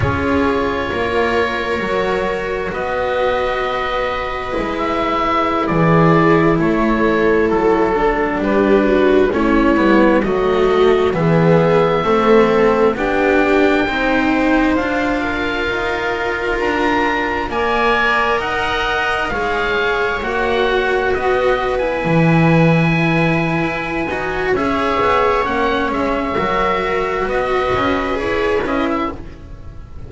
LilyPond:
<<
  \new Staff \with { instrumentName = "oboe" } { \time 4/4 \tempo 4 = 66 cis''2. dis''4~ | dis''4~ dis''16 e''4 d''4 cis''8.~ | cis''16 a'4 b'4 cis''4 dis''8.~ | dis''16 e''2 g''4.~ g''16~ |
g''16 f''2 ais''4 gis''8.~ | gis''16 fis''4 f''4 fis''4 dis''8. | gis''2. e''4 | fis''8 e''4. dis''4 cis''8 dis''16 e''16 | }
  \new Staff \with { instrumentName = "viola" } { \time 4/4 gis'4 ais'2 b'4~ | b'2~ b'16 gis'4 a'8.~ | a'4~ a'16 g'8 fis'8 e'4 fis'8.~ | fis'16 gis'4 a'4 g'4 c''8.~ |
c''8. ais'2~ ais'8 d''8.~ | d''16 dis''4 cis''2 b'8.~ | b'2. cis''4~ | cis''4 ais'4 b'2 | }
  \new Staff \with { instrumentName = "cello" } { \time 4/4 f'2 fis'2~ | fis'4 e'2.~ | e'8. d'4. cis'8 b8 a8.~ | a16 b4 c'4 d'4 dis'8.~ |
dis'16 f'2. ais'8.~ | ais'4~ ais'16 gis'4 fis'4.~ fis'16 | e'2~ e'8 fis'8 gis'4 | cis'4 fis'2 gis'8 e'8 | }
  \new Staff \with { instrumentName = "double bass" } { \time 4/4 cis'4 ais4 fis4 b4~ | b4 gis4~ gis16 e4 a8.~ | a16 fis4 g4 a8 g8 fis8.~ | fis16 e4 a4 b4 c'8.~ |
c'16 d'4 dis'4 d'4 ais8.~ | ais16 dis'4 gis4 ais4 b8.~ | b16 e4.~ e16 e'8 dis'8 cis'8 b8 | ais8 gis8 fis4 b8 cis'8 e'8 cis'8 | }
>>